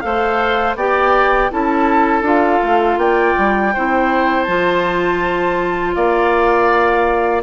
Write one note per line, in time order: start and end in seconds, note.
0.00 0.75 A3
0.00 0.76 A4
0.00 0.77 C5
0.00 0.74 F5
0.75 1.49 B3
0.75 1.50 G4
0.75 1.51 D5
0.75 1.51 G5
1.50 2.22 C#4
1.50 2.24 E4
1.50 3.00 A4
1.50 2.25 A5
2.22 2.59 D4
2.22 3.72 F4
2.22 2.99 F5
2.62 2.96 A3
2.96 3.33 A#3
2.96 3.73 D5
2.96 4.43 G5
3.38 3.75 G3
3.73 4.47 C4
3.73 4.47 E4
3.73 5.95 C5
4.43 5.96 F3
4.43 7.43 F4
4.43 5.91 A5
5.94 7.43 A#3
5.94 7.43 D5
5.94 7.42 F5